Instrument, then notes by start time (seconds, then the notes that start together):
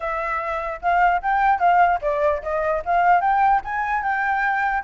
flute
0.00 E5
0.81 F5
1.22 G5
1.59 F5
2.01 D5
2.42 D#5
2.85 F5
3.20 G5
3.64 G#5
4.03 G5